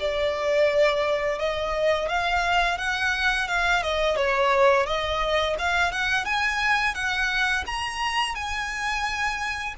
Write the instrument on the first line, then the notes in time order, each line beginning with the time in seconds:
violin
0.00 D5
1.39 D#5
2.09 F5
2.78 F#5
3.48 F5
3.83 D#5
4.17 C#5
4.87 D#5
5.59 F5
5.92 F#5
6.25 G#5
6.95 F#5
7.67 A#5
8.35 G#5